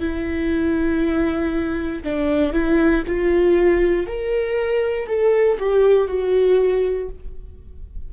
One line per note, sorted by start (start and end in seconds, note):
0.00 2.03 E4
2.04 2.53 D4
2.53 3.04 E4
3.07 4.07 F4
4.07 5.07 A#4
5.07 5.57 A4
5.59 6.08 G4
6.08 7.10 F#4